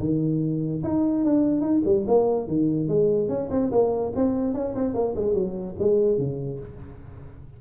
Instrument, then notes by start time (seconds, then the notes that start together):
tuba
0.00 D#3
0.84 D#4
1.25 D4
1.61 D#4
1.85 G3
2.08 A#3
2.48 D#3
2.88 G#3
3.29 C#4
3.51 C4
3.72 A#3
4.16 C4
4.54 C#4
4.75 C4
4.94 A#3
5.16 G#3
5.34 F#3
5.79 G#3
6.18 C#3